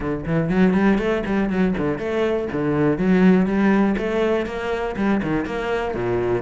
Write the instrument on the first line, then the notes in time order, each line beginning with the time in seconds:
cello
0.00 D3
0.25 E3
0.49 F#3
0.73 G3
0.98 A3
1.25 G3
1.49 F#3
1.77 D3
1.98 A3
2.52 D3
2.98 F#3
3.46 G3
3.97 A3
4.46 A#3
4.96 G3
5.22 D#3
5.45 A#3
5.94 A#2